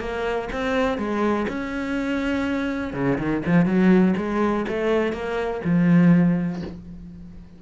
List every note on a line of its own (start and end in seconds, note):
0.00 0.49 A#3
0.52 0.98 C4
0.98 1.47 G#3
1.48 2.94 C#4
2.94 3.18 C#3
3.18 3.43 D#3
3.46 3.65 F3
3.65 4.14 F#3
4.17 4.66 G#3
4.68 5.13 A3
5.13 5.61 A#3
5.65 6.62 F3